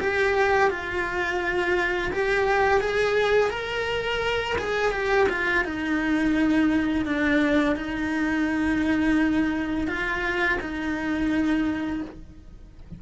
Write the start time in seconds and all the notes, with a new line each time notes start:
0.00 G4
0.70 F4
2.12 G4
2.80 G#4
3.50 A#4
4.58 G#4
4.92 G4
5.29 F4
5.65 D#4
7.05 D4
7.76 D#4
9.87 F4
10.61 D#4